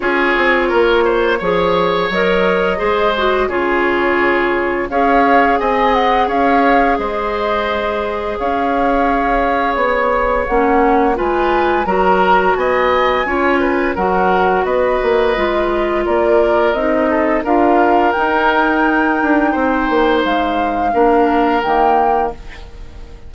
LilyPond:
<<
  \new Staff \with { instrumentName = "flute" } { \time 4/4 \tempo 4 = 86 cis''2. dis''4~ | dis''4 cis''2 f''4 | gis''8 fis''8 f''4 dis''2 | f''2 cis''4 fis''4 |
gis''4 ais''4 gis''2 | fis''4 dis''2 d''4 | dis''4 f''4 g''2~ | g''4 f''2 g''4 | }
  \new Staff \with { instrumentName = "oboe" } { \time 4/4 gis'4 ais'8 c''8 cis''2 | c''4 gis'2 cis''4 | dis''4 cis''4 c''2 | cis''1 |
b'4 ais'4 dis''4 cis''8 b'8 | ais'4 b'2 ais'4~ | ais'8 a'8 ais'2. | c''2 ais'2 | }
  \new Staff \with { instrumentName = "clarinet" } { \time 4/4 f'2 gis'4 ais'4 | gis'8 fis'8 f'2 gis'4~ | gis'1~ | gis'2. cis'4 |
f'4 fis'2 f'4 | fis'2 f'2 | dis'4 f'4 dis'2~ | dis'2 d'4 ais4 | }
  \new Staff \with { instrumentName = "bassoon" } { \time 4/4 cis'8 c'8 ais4 f4 fis4 | gis4 cis2 cis'4 | c'4 cis'4 gis2 | cis'2 b4 ais4 |
gis4 fis4 b4 cis'4 | fis4 b8 ais8 gis4 ais4 | c'4 d'4 dis'4. d'8 | c'8 ais8 gis4 ais4 dis4 | }
>>